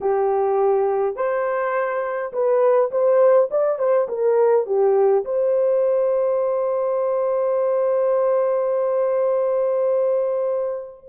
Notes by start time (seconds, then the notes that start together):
0.00 G4
1.15 C5
2.32 B4
2.91 C5
3.51 D5
3.78 C5
4.08 A#4
4.66 G4
5.24 C5